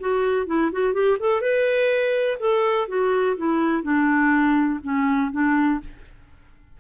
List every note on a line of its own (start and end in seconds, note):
0.00 0.47 F#4
0.47 0.71 E4
0.72 0.94 F#4
0.94 1.18 G4
1.19 1.41 A4
1.41 2.38 B4
2.40 2.88 A4
2.88 3.37 F#4
3.37 3.83 E4
3.83 4.80 D4
4.83 5.32 C#4
5.32 5.80 D4